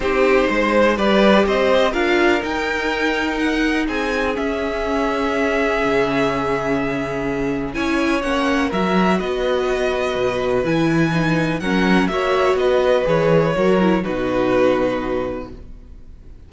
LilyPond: <<
  \new Staff \with { instrumentName = "violin" } { \time 4/4 \tempo 4 = 124 c''2 d''4 dis''4 | f''4 g''2 fis''4 | gis''4 e''2.~ | e''1 |
gis''4 fis''4 e''4 dis''4~ | dis''2 gis''2 | fis''4 e''4 dis''4 cis''4~ | cis''4 b'2. | }
  \new Staff \with { instrumentName = "violin" } { \time 4/4 g'4 c''4 b'4 c''4 | ais'1 | gis'1~ | gis'1 |
cis''2 ais'4 b'4~ | b'1 | ais'4 cis''4 b'2 | ais'4 fis'2. | }
  \new Staff \with { instrumentName = "viola" } { \time 4/4 dis'2 g'2 | f'4 dis'2.~ | dis'4 cis'2.~ | cis'1 |
e'4 cis'4 fis'2~ | fis'2 e'4 dis'4 | cis'4 fis'2 gis'4 | fis'8 e'8 dis'2. | }
  \new Staff \with { instrumentName = "cello" } { \time 4/4 c'4 gis4 g4 c'4 | d'4 dis'2. | c'4 cis'2. | cis1 |
cis'4 ais4 fis4 b4~ | b4 b,4 e2 | fis4 ais4 b4 e4 | fis4 b,2. | }
>>